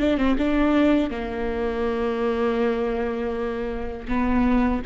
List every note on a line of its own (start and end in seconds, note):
0.00 0.18 D4
0.18 0.37 C4
0.38 1.11 D4
1.11 4.07 A#3
4.08 4.82 B3